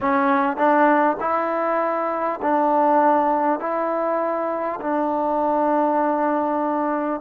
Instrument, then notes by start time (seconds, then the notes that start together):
trombone
0.01 C#4
0.57 D4
1.20 E4
2.42 D4
3.59 E4
4.81 D4